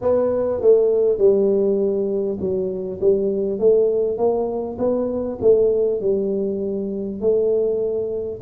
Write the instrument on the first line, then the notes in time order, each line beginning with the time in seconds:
tuba
0.01 B3
0.60 A3
1.18 G3
2.40 F#3
3.01 G3
3.59 A3
4.17 A#3
4.78 B3
5.41 A3
6.01 G3
7.20 A3